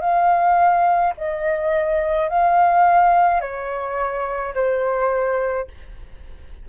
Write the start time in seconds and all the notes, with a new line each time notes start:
0.00 F5
1.17 D#5
2.28 F5
3.40 C#5
4.54 C5